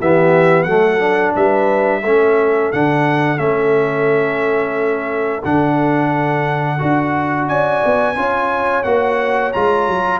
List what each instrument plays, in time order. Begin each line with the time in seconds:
0.00 tuba E3, trombone B3, horn G4, trumpet E5
0.63 tuba F#3, trombone A3, horn A4, trumpet F#5
0.99 trombone D4
1.35 tuba G3, horn B4, trumpet E5
2.00 tuba A3, trombone C#4, horn A4
2.72 tuba D3, trombone D4, trumpet F#5
3.37 tuba A3, trombone C#4, trumpet E5
5.44 tuba D3, trombone D4, trumpet F#5
6.78 tuba D4, trombone F#4
7.47 tuba C#4, horn D5, trumpet G#5
7.85 tuba B3
8.15 tuba C#4, trombone F4, horn C#5
8.83 tuba A#3, trombone F#4, trumpet F#5
9.52 tuba G#3, trombone F4, trumpet A#5
9.88 tuba F#3